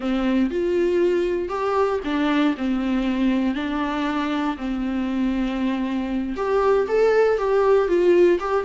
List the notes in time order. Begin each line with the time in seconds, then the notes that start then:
0.00 C4
0.50 F4
1.48 G4
2.04 D4
2.57 C4
3.55 D4
4.57 C4
6.36 G4
6.88 A4
7.38 G4
7.88 F4
8.39 G4